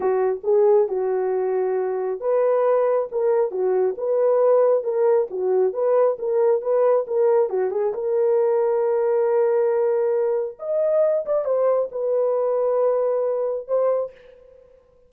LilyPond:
\new Staff \with { instrumentName = "horn" } { \time 4/4 \tempo 4 = 136 fis'4 gis'4 fis'2~ | fis'4 b'2 ais'4 | fis'4 b'2 ais'4 | fis'4 b'4 ais'4 b'4 |
ais'4 fis'8 gis'8 ais'2~ | ais'1 | dis''4. d''8 c''4 b'4~ | b'2. c''4 | }